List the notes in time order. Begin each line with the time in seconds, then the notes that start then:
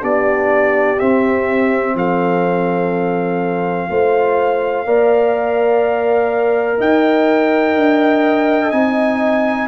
0.00 B3 D4 G4 D5
0.99 C4 E5
1.94 F3 A4 F5
3.89 A3 F4 C5
4.85 A#3 A#4 D5
6.78 D#4 D#5 G5
7.76 D4
8.71 C4 D#4 G#5